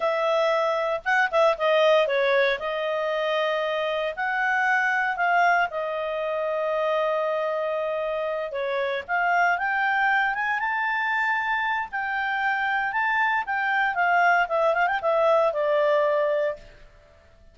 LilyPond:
\new Staff \with { instrumentName = "clarinet" } { \time 4/4 \tempo 4 = 116 e''2 fis''8 e''8 dis''4 | cis''4 dis''2. | fis''2 f''4 dis''4~ | dis''1~ |
dis''8 cis''4 f''4 g''4. | gis''8 a''2~ a''8 g''4~ | g''4 a''4 g''4 f''4 | e''8 f''16 g''16 e''4 d''2 | }